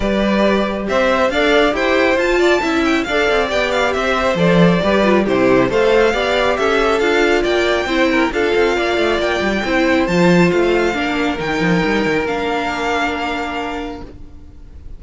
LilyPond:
<<
  \new Staff \with { instrumentName = "violin" } { \time 4/4 \tempo 4 = 137 d''2 e''4 f''4 | g''4 a''4. g''8 f''4 | g''8 f''8 e''4 d''2 | c''4 f''2 e''4 |
f''4 g''2 f''4~ | f''4 g''2 a''4 | f''2 g''2 | f''1 | }
  \new Staff \with { instrumentName = "violin" } { \time 4/4 b'2 c''4 d''4 | c''4. d''8 e''4 d''4~ | d''4 c''2 b'4 | g'4 c''4 d''4 a'4~ |
a'4 d''4 c''8 ais'8 a'4 | d''2 c''2~ | c''4 ais'2.~ | ais'1 | }
  \new Staff \with { instrumentName = "viola" } { \time 4/4 g'2. a'4 | g'4 f'4 e'4 a'4 | g'2 a'4 g'8 f'8 | e'4 a'4 g'2 |
f'2 e'4 f'4~ | f'2 e'4 f'4~ | f'4 d'4 dis'2 | d'1 | }
  \new Staff \with { instrumentName = "cello" } { \time 4/4 g2 c'4 d'4 | e'4 f'4 cis'4 d'8 c'8 | b4 c'4 f4 g4 | c4 a4 b4 cis'4 |
d'4 ais4 c'4 d'8 c'8 | ais8 a8 ais8 g8 c'4 f4 | a4 ais4 dis8 f8 g8 dis8 | ais1 | }
>>